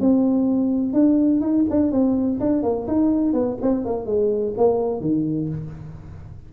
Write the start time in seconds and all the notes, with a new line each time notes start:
0.00 C4
0.93 D4
1.41 D#4
1.70 D4
1.92 C4
2.40 D4
2.63 A#3
2.87 D#4
3.33 B3
3.62 C4
3.85 A#3
4.06 G#3
4.57 A#3
5.01 D#3